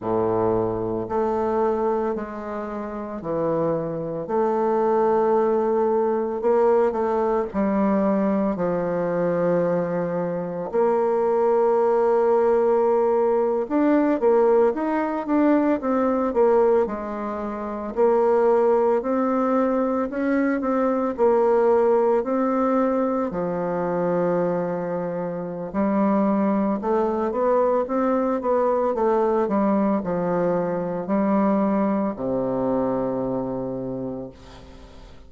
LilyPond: \new Staff \with { instrumentName = "bassoon" } { \time 4/4 \tempo 4 = 56 a,4 a4 gis4 e4 | a2 ais8 a8 g4 | f2 ais2~ | ais8. d'8 ais8 dis'8 d'8 c'8 ais8 gis16~ |
gis8. ais4 c'4 cis'8 c'8 ais16~ | ais8. c'4 f2~ f16 | g4 a8 b8 c'8 b8 a8 g8 | f4 g4 c2 | }